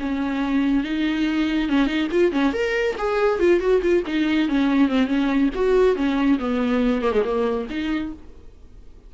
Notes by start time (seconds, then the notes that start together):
0.00 C#4
0.84 D#4
1.69 C#4
1.87 D#4
2.12 F4
2.32 C#4
2.53 A#4
2.98 G#4
3.40 F4
3.60 F#4
3.82 F4
4.07 D#4
4.49 C#4
4.89 C4
5.07 C#4
5.55 F#4
5.96 C#4
6.39 B3
7.02 A#3
7.13 G#3
7.24 A#3
7.70 D#4